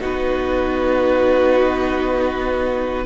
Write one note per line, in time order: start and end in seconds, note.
0.00 3.06 B3
0.00 3.05 D#4
0.00 3.05 F#4
0.00 3.06 B4